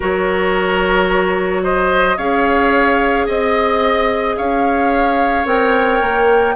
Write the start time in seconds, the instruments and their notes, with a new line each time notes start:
0.00 bassoon F#3, clarinet F#4, oboe A#4, flute C#5
1.63 oboe C5, flute D#5
2.17 bassoon C#4, clarinet G#4, oboe C#5, flute F5
3.26 bassoon C4, oboe D#5, flute D#5
4.36 bassoon C#4, oboe C#5, flute F5
5.45 bassoon C4, clarinet A#4, flute G5
6.01 bassoon A#3